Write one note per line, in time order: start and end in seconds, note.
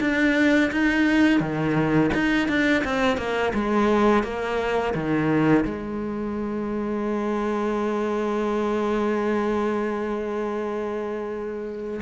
0.00 0.71 D4
0.71 1.40 D#4
1.40 2.10 D#3
2.14 2.48 D#4
2.48 2.83 D4
2.84 3.17 C4
3.17 3.52 A#3
3.54 4.23 G#3
4.23 4.93 A#3
4.94 5.64 D#3
5.65 12.00 G#3